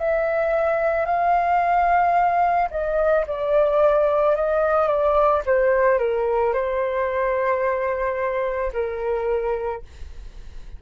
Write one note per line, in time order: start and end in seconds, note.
0.00 1.06 E5
1.06 2.69 F5
2.71 3.26 D#5
3.27 4.36 D5
4.36 4.88 D#5
4.88 5.42 D5
5.46 5.99 C5
5.99 6.54 A#4
6.54 8.72 C5
8.74 9.83 A#4